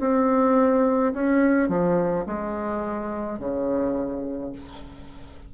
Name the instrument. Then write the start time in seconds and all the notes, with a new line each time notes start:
bassoon
0.00 C4
1.14 C#4
1.69 F3
2.26 G#3
3.39 C#3